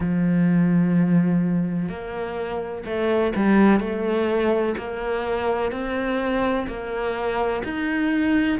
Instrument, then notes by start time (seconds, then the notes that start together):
cello
0.00 F3
1.88 A#3
2.85 A3
3.35 G3
3.80 A3
4.77 A#3
5.71 C4
6.67 A#3
7.64 D#4